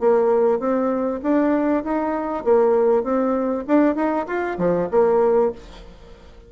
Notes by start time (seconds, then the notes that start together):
0.00 A#3
0.60 C4
1.23 D4
1.84 D#4
2.45 A#3
3.04 C4
3.68 D4
3.96 D#4
4.27 F4
4.59 F3
4.91 A#3